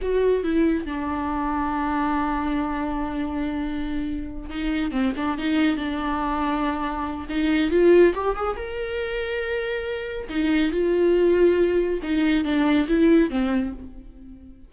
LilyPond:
\new Staff \with { instrumentName = "viola" } { \time 4/4 \tempo 4 = 140 fis'4 e'4 d'2~ | d'1~ | d'2~ d'8 dis'4 c'8 | d'8 dis'4 d'2~ d'8~ |
d'4 dis'4 f'4 g'8 gis'8 | ais'1 | dis'4 f'2. | dis'4 d'4 e'4 c'4 | }